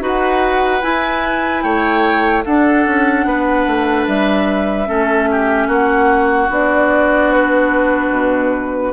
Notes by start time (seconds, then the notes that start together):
0.00 D#4 F#4 B4
0.06 F#5
0.81 E4 G#5
1.62 A3 C#5 G5
2.44 D4 A4 F#5
2.86 C#4
3.25 B3 B4
3.67 A3
4.07 G3 E5
4.86 A3 C#4 A4
5.31 G4
5.67 A#3 F#4 F#5
6.49 B3 D4 D5
7.32 B4
8.11 B2